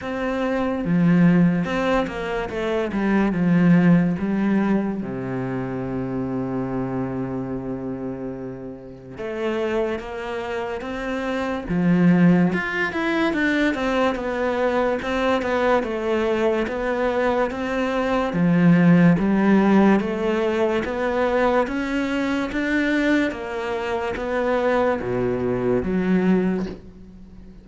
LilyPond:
\new Staff \with { instrumentName = "cello" } { \time 4/4 \tempo 4 = 72 c'4 f4 c'8 ais8 a8 g8 | f4 g4 c2~ | c2. a4 | ais4 c'4 f4 f'8 e'8 |
d'8 c'8 b4 c'8 b8 a4 | b4 c'4 f4 g4 | a4 b4 cis'4 d'4 | ais4 b4 b,4 fis4 | }